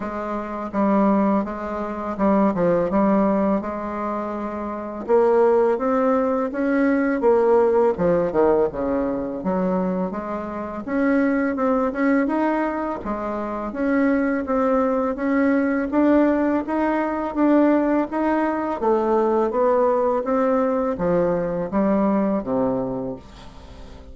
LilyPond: \new Staff \with { instrumentName = "bassoon" } { \time 4/4 \tempo 4 = 83 gis4 g4 gis4 g8 f8 | g4 gis2 ais4 | c'4 cis'4 ais4 f8 dis8 | cis4 fis4 gis4 cis'4 |
c'8 cis'8 dis'4 gis4 cis'4 | c'4 cis'4 d'4 dis'4 | d'4 dis'4 a4 b4 | c'4 f4 g4 c4 | }